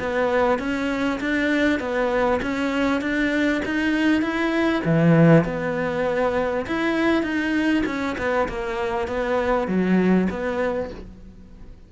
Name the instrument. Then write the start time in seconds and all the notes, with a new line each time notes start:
cello
0.00 B3
0.59 C#4
1.21 D4
1.80 B3
2.42 C#4
3.02 D4
3.66 D#4
4.22 E4
4.85 E3
5.45 B3
6.67 E4
7.23 D#4
7.87 C#4
8.18 B3
8.48 A#3
9.08 B3
9.68 F#3
10.30 B3